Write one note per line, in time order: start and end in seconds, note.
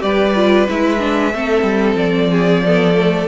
0.00 0.68 G3
0.00 0.33 G4
0.00 1.34 B4
0.00 0.68 D5
0.35 0.68 F4
0.69 1.34 G#3
0.69 0.99 E4
0.69 1.98 E5
0.99 1.32 D4
1.34 1.63 A3
1.34 2.64 C4
1.34 2.31 A4
1.63 1.95 G3
1.95 3.25 F3
1.95 3.28 D5
2.31 2.64 G#4
2.66 2.94 B3
2.66 3.28 A4
2.94 3.27 A3